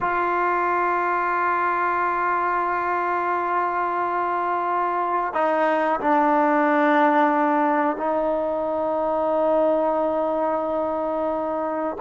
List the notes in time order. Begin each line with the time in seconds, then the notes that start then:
0.01 F4
5.33 D#4
6.00 D4
7.97 D#4